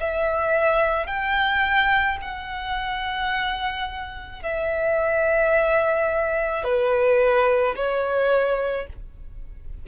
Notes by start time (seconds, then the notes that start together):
0.00 E5
1.07 G5
2.22 F#5
4.42 E5
6.64 B4
7.76 C#5